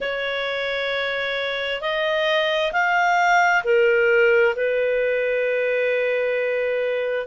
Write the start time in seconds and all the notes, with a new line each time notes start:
0.00 C#5
1.81 D#5
2.72 F5
3.64 A#4
4.55 B4